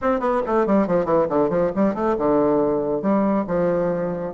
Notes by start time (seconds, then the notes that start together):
0.01 C4
0.19 B3
0.46 A3
0.66 G3
0.87 F3
1.05 E3
1.29 D3
1.49 F3
1.75 G3
1.94 A3
2.17 D3
3.02 G3
3.47 F3